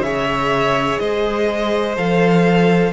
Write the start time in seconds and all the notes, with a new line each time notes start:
0.00 C#3 G#4 C#5 E5
0.98 G#3 C5 D#5
1.96 F3 A4 F5